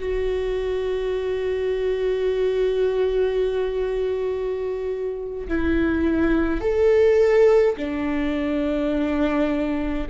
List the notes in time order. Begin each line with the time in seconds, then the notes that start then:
0.00 F#4
5.49 E4
6.61 A4
7.78 D4